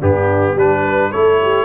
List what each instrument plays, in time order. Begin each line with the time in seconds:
0.00 tuba G2, trombone B3, horn D4, trumpet G4
0.54 tuba G3, trombone D4, horn G4, trumpet B4
0.85 horn B4
1.12 tuba A3, trombone E4, horn A4, trumpet C#5
1.43 horn G4